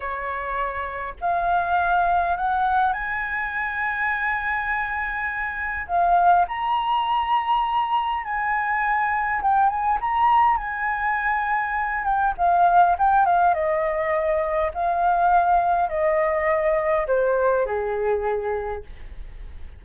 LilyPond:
\new Staff \with { instrumentName = "flute" } { \time 4/4 \tempo 4 = 102 cis''2 f''2 | fis''4 gis''2.~ | gis''2 f''4 ais''4~ | ais''2 gis''2 |
g''8 gis''8 ais''4 gis''2~ | gis''8 g''8 f''4 g''8 f''8 dis''4~ | dis''4 f''2 dis''4~ | dis''4 c''4 gis'2 | }